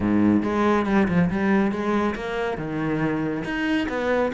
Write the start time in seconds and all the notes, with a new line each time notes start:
0.00 G#2
0.42 G#3
0.85 G3
1.08 F3
1.29 G3
1.71 G#3
2.15 A#3
2.57 D#3
3.44 D#4
3.88 B3